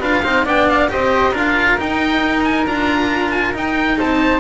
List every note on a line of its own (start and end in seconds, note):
0.00 0.24 D4
0.00 0.23 F4
0.00 0.22 B4
0.00 0.47 F5
0.23 0.46 C4
0.23 0.46 D#4
0.23 0.45 C5
0.45 0.90 B3
0.45 0.89 D4
0.45 0.89 D5
0.45 0.68 G5
0.68 0.90 F5
0.89 1.33 C4
0.89 1.33 G4
0.89 1.32 C5
0.89 1.36 D#5
1.32 1.77 D4
1.32 1.78 F4
1.32 3.96 A#4
1.32 1.80 F5
1.78 2.66 D#4
1.78 2.67 D#4
1.78 2.44 G5
2.44 2.66 G#5
2.67 3.55 D4
2.67 3.53 F4
2.67 3.31 A#5
3.31 3.53 G#5
3.53 4.40 D#4
3.53 3.99 D#4
3.53 3.99 G5
3.99 4.40 C4
3.99 4.40 C5
3.99 4.40 A5